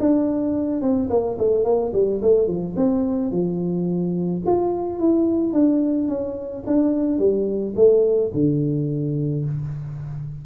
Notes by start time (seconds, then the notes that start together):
0.00 D4
0.81 C4
1.10 A#3
1.38 A3
1.64 A#3
1.93 G3
2.22 A3
2.47 F3
2.76 C4
3.31 F3
4.46 F4
4.99 E4
5.53 D4
6.08 C#4
6.67 D4
7.19 G3
7.76 A3
8.34 D3